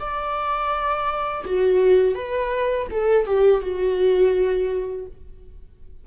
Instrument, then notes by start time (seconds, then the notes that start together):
viola
0.00 D5
1.46 F#4
2.15 B4
2.91 A4
3.27 G4
3.62 F#4